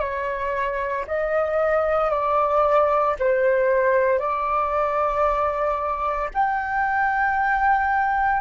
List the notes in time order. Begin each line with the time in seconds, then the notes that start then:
0.00 C#5
1.07 D#5
2.11 D5
3.20 C5
4.19 D5
6.34 G5